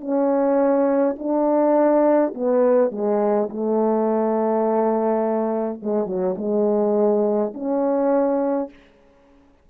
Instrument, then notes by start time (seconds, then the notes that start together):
horn
0.00 C#4
1.18 D4
2.34 B3
2.91 G#3
3.49 A3
5.82 G#3
6.06 F#3
6.38 G#3
7.54 C#4